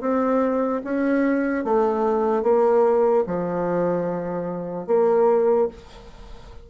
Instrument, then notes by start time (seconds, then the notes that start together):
bassoon
0.00 C4
0.84 C#4
1.64 A3
2.43 A#3
3.27 F3
4.86 A#3